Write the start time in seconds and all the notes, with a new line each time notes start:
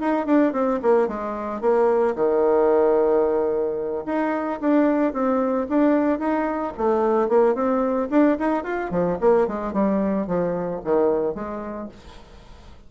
0.00 D#4
0.26 D4
0.53 C4
0.82 A#3
1.08 G#3
1.61 A#3
2.16 D#3
4.06 D#4
4.61 D4
5.13 C4
5.69 D4
6.19 D#4
6.78 A3
7.29 A#3
7.55 C4
8.10 D4
8.39 D#4
8.63 F4
8.91 F3
9.20 A#3
9.47 G#3
9.73 G3
10.27 F3
10.84 D#3
11.35 G#3